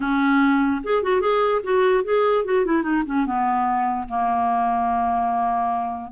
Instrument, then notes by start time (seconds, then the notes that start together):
clarinet
0.00 C#4
0.83 G#4
1.03 F#4
1.20 G#4
1.63 F#4
2.04 G#4
2.44 F#4
2.65 E4
2.83 D#4
3.06 C#4
3.26 B3
4.08 A#3